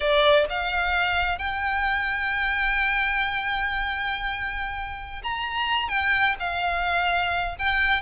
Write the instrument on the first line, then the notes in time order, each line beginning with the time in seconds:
violin
0.00 D5
0.49 F5
1.38 G5
5.23 A#5
5.88 G5
6.39 F5
7.58 G5